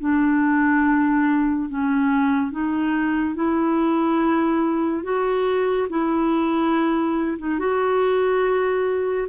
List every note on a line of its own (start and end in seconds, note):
0.00 1.69 D4
1.69 2.52 C#4
2.52 3.35 D#4
3.35 5.04 E4
5.04 5.88 F#4
5.90 7.38 E4
7.39 7.59 D#4
7.59 9.28 F#4